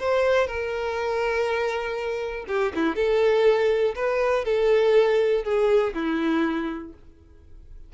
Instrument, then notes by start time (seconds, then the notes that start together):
violin
0.00 C5
0.48 A#4
2.48 G4
2.75 E4
2.96 A4
3.95 B4
4.45 A4
5.44 G#4
5.94 E4